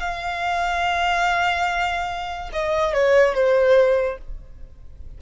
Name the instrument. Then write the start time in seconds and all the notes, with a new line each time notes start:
violin
0.00 F5
2.52 D#5
2.93 C#5
3.34 C5